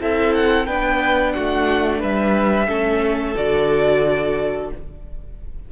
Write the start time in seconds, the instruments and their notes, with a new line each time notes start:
0.00 cello C4, viola E4, violin A4 E5
0.35 violin F#5
0.66 cello B3, viola D4, violin B4 G5
1.33 cello A3, violin F#4 F#5
2.00 cello G3, violin B4 E5
2.68 cello A3, viola C#4, violin A4
3.37 cello D3, viola F#4, violin D5